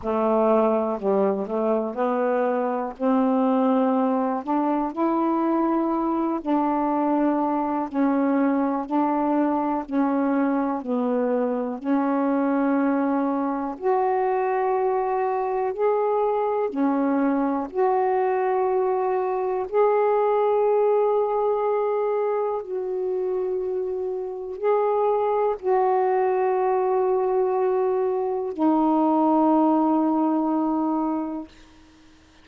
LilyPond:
\new Staff \with { instrumentName = "saxophone" } { \time 4/4 \tempo 4 = 61 a4 g8 a8 b4 c'4~ | c'8 d'8 e'4. d'4. | cis'4 d'4 cis'4 b4 | cis'2 fis'2 |
gis'4 cis'4 fis'2 | gis'2. fis'4~ | fis'4 gis'4 fis'2~ | fis'4 dis'2. | }